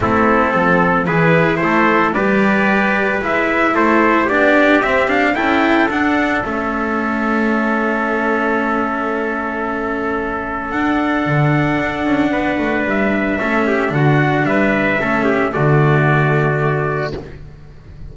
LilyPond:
<<
  \new Staff \with { instrumentName = "trumpet" } { \time 4/4 \tempo 4 = 112 a'2 b'4 c''4 | d''2 e''4 c''4 | d''4 e''8 f''8 g''4 fis''4 | e''1~ |
e''1 | fis''1 | e''2 fis''4 e''4~ | e''4 d''2. | }
  \new Staff \with { instrumentName = "trumpet" } { \time 4/4 e'4 a'4 gis'4 a'4 | b'2. a'4 | g'2 a'2~ | a'1~ |
a'1~ | a'2. b'4~ | b'4 a'8 g'8 fis'4 b'4 | a'8 g'8 fis'2. | }
  \new Staff \with { instrumentName = "cello" } { \time 4/4 c'2 e'2 | g'2 e'2 | d'4 c'8 d'8 e'4 d'4 | cis'1~ |
cis'1 | d'1~ | d'4 cis'4 d'2 | cis'4 a2. | }
  \new Staff \with { instrumentName = "double bass" } { \time 4/4 a4 f4 e4 a4 | g2 gis4 a4 | b4 c'4 cis'4 d'4 | a1~ |
a1 | d'4 d4 d'8 cis'8 b8 a8 | g4 a4 d4 g4 | a4 d2. | }
>>